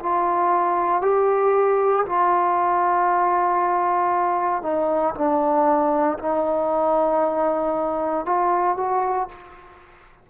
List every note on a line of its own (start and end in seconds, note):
0.00 1.02 F4
1.02 2.05 G4
2.06 4.63 F4
4.63 5.15 D#4
5.15 6.19 D4
6.19 8.26 D#4
8.26 8.77 F4
8.77 9.29 F#4